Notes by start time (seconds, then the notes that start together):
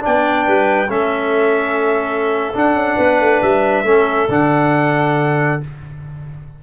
0.00 D4 D5 G5
0.07 B3
0.45 G3 B4
0.89 A3 C#4 A4 E5
2.54 D4 F#5
2.74 C#4
2.97 B3 B4
3.20 A3
3.42 G3 E5
3.84 A3 C#4 A4
4.29 D3 D4 F#5